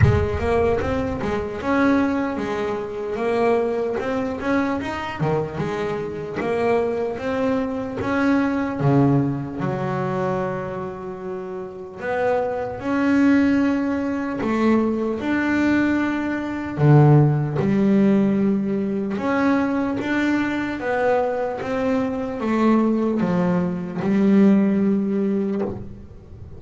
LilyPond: \new Staff \with { instrumentName = "double bass" } { \time 4/4 \tempo 4 = 75 gis8 ais8 c'8 gis8 cis'4 gis4 | ais4 c'8 cis'8 dis'8 dis8 gis4 | ais4 c'4 cis'4 cis4 | fis2. b4 |
cis'2 a4 d'4~ | d'4 d4 g2 | cis'4 d'4 b4 c'4 | a4 f4 g2 | }